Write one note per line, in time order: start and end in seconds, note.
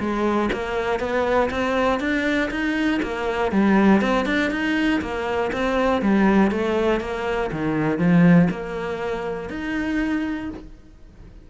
0.00 0.50 G#3
0.53 1.00 A#3
1.00 1.50 B3
1.51 2.00 C4
2.00 2.50 D4
2.51 3.01 D#4
3.03 3.52 A#3
3.52 4.01 G3
4.01 4.26 C4
4.26 4.51 D4
4.51 5.01 D#4
5.01 5.51 A#3
5.53 6.02 C4
6.02 6.52 G3
6.52 7.01 A3
7.01 7.51 A#3
7.52 7.99 D#3
7.99 8.49 F3
8.51 9.50 A#3
9.50 10.50 D#4